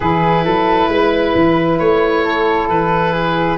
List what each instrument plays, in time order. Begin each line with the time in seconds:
0.00 tuba E3, saxophone E4, flute G#4, oboe B4
0.44 tuba F#3, flute A4
0.88 tuba G#3, flute B4
1.35 tuba E3
1.79 tuba A3, oboe C#5
2.24 flute A4
2.68 tuba E3, oboe B4
3.12 flute G#4